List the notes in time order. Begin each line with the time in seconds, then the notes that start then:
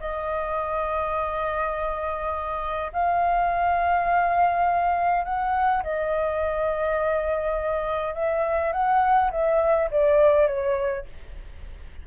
0.00 D#5
2.93 F5
5.25 F#5
5.83 D#5
8.14 E5
8.72 F#5
9.31 E5
9.91 D5
10.47 C#5